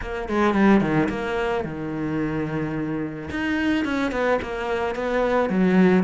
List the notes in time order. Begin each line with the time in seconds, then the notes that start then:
0.01 A#3
0.28 G#3
0.54 G3
0.80 D#3
1.09 A#3
1.64 D#3
3.30 D#4
3.85 C#4
4.11 B3
4.42 A#3
4.95 B3
5.49 F#3